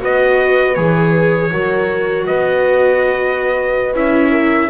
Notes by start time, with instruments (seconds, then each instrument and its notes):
0.00 double bass B3, viola F#4, horn B4, trumpet D#5
0.75 double bass E3, viola G#4, trumpet C#5
1.51 double bass F#3, viola F#4, horn A#4
2.27 double bass B3, horn B4, trumpet D#5
3.94 double bass C#4, viola E4, trumpet E5
4.32 horn A#4